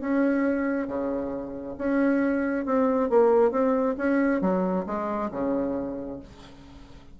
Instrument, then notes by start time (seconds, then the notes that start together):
bassoon
0.00 C#4
0.87 C#3
1.78 C#4
2.65 C4
3.09 A#3
3.51 C4
3.97 C#4
4.41 F#3
4.86 G#3
5.31 C#3